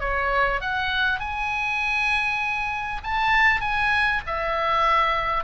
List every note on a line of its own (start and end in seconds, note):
0.00 0.61 C#5
0.61 1.19 F#5
1.19 3.01 G#5
3.03 3.61 A5
3.61 4.21 G#5
4.26 5.44 E5